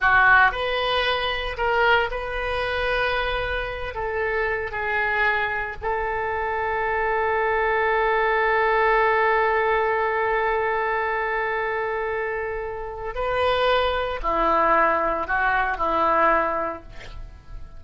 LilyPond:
\new Staff \with { instrumentName = "oboe" } { \time 4/4 \tempo 4 = 114 fis'4 b'2 ais'4 | b'2.~ b'8 a'8~ | a'4 gis'2 a'4~ | a'1~ |
a'1~ | a'1~ | a'4 b'2 e'4~ | e'4 fis'4 e'2 | }